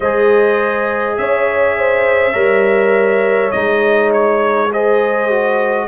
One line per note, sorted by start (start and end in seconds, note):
0.00 1.17 G#3
0.00 2.33 G#4
0.00 1.16 C5
0.00 1.17 D#5
1.17 2.34 C#4
1.17 1.78 C#5
1.17 3.51 E5
1.78 2.33 C5
2.33 3.51 G3
2.33 3.50 A#4
2.33 4.68 C#5
3.51 5.87 G#3
3.51 4.69 D#4
3.51 4.10 D#5
4.12 4.71 C#5
4.73 5.30 G#4
4.73 5.87 C5
4.73 5.87 D#5
5.30 5.87 F#4